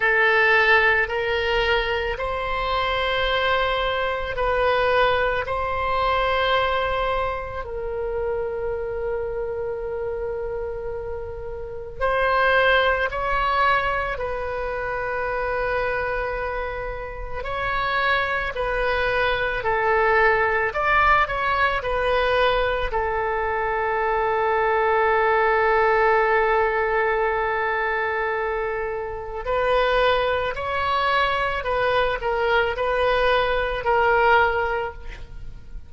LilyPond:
\new Staff \with { instrumentName = "oboe" } { \time 4/4 \tempo 4 = 55 a'4 ais'4 c''2 | b'4 c''2 ais'4~ | ais'2. c''4 | cis''4 b'2. |
cis''4 b'4 a'4 d''8 cis''8 | b'4 a'2.~ | a'2. b'4 | cis''4 b'8 ais'8 b'4 ais'4 | }